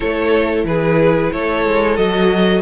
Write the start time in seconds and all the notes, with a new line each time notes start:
0.00 A3 E4 A4 C#5
0.64 E3 G#4 B4
1.32 A3 A4 C#5
1.65 G#3
1.97 F#3 F#4 D#5